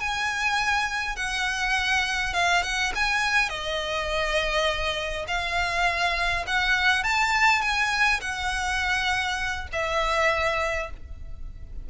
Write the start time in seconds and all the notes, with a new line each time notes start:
0.00 G#5
1.16 F#5
2.33 F5
2.63 F#5
2.95 G#5
3.49 D#5
5.27 F5
6.47 F#5
7.03 A5
7.61 G#5
8.21 F#5
9.72 E5